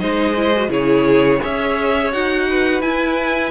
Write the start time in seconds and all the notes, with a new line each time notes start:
0.00 G#3 D#4 C5 D#5
0.36 E4
0.57 F#4
0.69 C#3 E4 G#4 C#5
1.42 C#4 G#4 C#5 E5
2.12 D#4 F#4 F#5
2.50 B4
2.81 E4 G#5